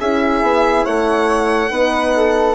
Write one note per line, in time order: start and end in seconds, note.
0.00 0.42 C#4
0.00 1.70 E4
0.00 0.84 G#4
0.00 0.85 E5
0.42 0.85 B3
0.84 1.70 A3
0.84 1.70 C#5
0.84 2.55 F#5
1.70 2.55 B3
1.70 2.55 D#4
1.70 2.14 B4
2.16 2.55 A4